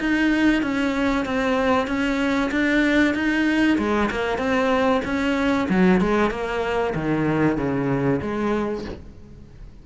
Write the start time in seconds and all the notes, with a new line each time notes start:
0.00 D#4
0.62 C#4
1.25 C4
1.87 C#4
2.51 D4
3.14 D#4
3.78 G#3
4.11 A#3
4.38 C4
5.05 C#4
5.69 F#3
6.01 G#3
6.30 A#3
6.94 D#3
7.57 C#3
8.21 G#3